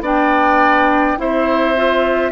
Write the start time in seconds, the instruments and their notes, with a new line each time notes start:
0.00 bassoon B3, clarinet D4, oboe D5, flute G5
1.17 bassoon C4, clarinet E4, oboe C5, flute E5
1.76 clarinet F4